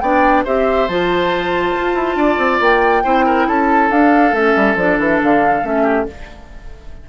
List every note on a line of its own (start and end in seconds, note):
0.00 0.44 B3
0.00 0.46 D4
0.00 0.44 D5
0.00 0.43 G5
0.44 0.88 C4
0.44 0.89 G4
0.44 2.17 C5
0.44 0.88 E5
0.88 1.75 F3
0.88 3.04 F4
0.88 2.61 A5
1.76 1.94 F4
1.94 2.16 E4
2.16 2.37 D4
2.16 3.03 D5
2.38 2.59 C4
2.60 3.04 A#3
2.60 3.48 G5
3.04 3.48 C4
3.04 3.91 E4
3.04 3.25 C5
3.26 3.47 A#4
3.48 3.90 C#4
3.48 5.83 A4
3.48 3.91 A5
3.90 4.32 D4
3.90 4.34 D4
3.90 4.34 F5
4.32 4.54 A3
4.32 4.77 C#4
4.32 4.77 E5
4.56 4.76 G3
4.76 4.97 F3
4.76 5.63 D4
4.76 4.99 D5
4.99 5.21 E3
4.99 5.21 E5
5.23 5.63 D3
5.23 5.66 F5
5.63 6.06 A3
5.63 6.06 C#4
5.63 6.09 E5
5.83 6.04 G4